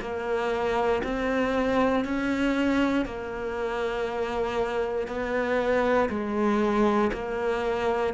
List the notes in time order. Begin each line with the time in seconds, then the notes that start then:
0.00 A#3
1.03 C4
2.04 C#4
3.05 A#3
5.07 B3
6.09 G#3
7.12 A#3